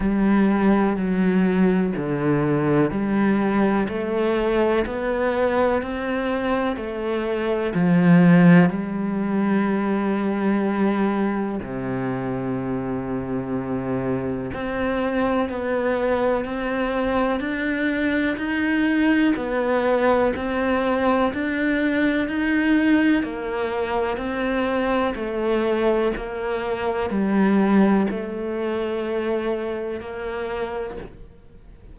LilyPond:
\new Staff \with { instrumentName = "cello" } { \time 4/4 \tempo 4 = 62 g4 fis4 d4 g4 | a4 b4 c'4 a4 | f4 g2. | c2. c'4 |
b4 c'4 d'4 dis'4 | b4 c'4 d'4 dis'4 | ais4 c'4 a4 ais4 | g4 a2 ais4 | }